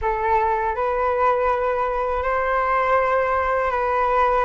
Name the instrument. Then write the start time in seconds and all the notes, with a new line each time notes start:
flute
0.01 A4
0.75 B4
2.22 C5
3.70 B4